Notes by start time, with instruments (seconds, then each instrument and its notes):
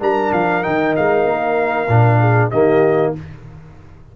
0.00 tuba G3, trombone D4, horn A#4, trumpet A#5
0.32 tuba F3, trumpet F5
0.62 tuba D#3, trombone D#4, trumpet G5
0.96 tuba G#3, trumpet F5
1.25 tuba A#3
1.88 tuba A#2, trombone D4
2.19 horn G#4
2.50 tuba D#3, trombone A#3, horn G4, trumpet D#5